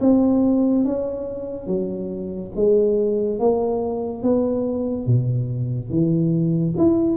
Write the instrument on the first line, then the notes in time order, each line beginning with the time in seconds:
tuba
0.00 C4
0.84 C#4
1.66 F#3
2.55 G#3
3.39 A#3
4.22 B3
5.06 B2
5.90 E3
6.77 E4